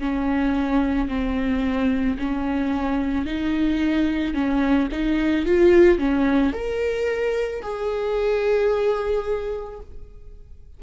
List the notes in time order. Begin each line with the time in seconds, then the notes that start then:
0.00 C#4
1.09 C4
2.19 C#4
3.26 D#4
4.34 C#4
4.92 D#4
5.46 F4
5.99 C#4
6.54 A#4
7.63 G#4